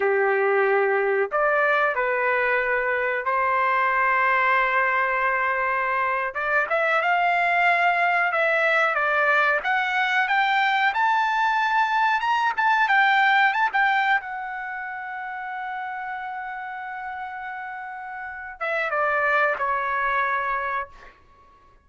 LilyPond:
\new Staff \with { instrumentName = "trumpet" } { \time 4/4 \tempo 4 = 92 g'2 d''4 b'4~ | b'4 c''2.~ | c''4.~ c''16 d''8 e''8 f''4~ f''16~ | f''8. e''4 d''4 fis''4 g''16~ |
g''8. a''2 ais''8 a''8 g''16~ | g''8. a''16 g''8. fis''2~ fis''16~ | fis''1~ | fis''8 e''8 d''4 cis''2 | }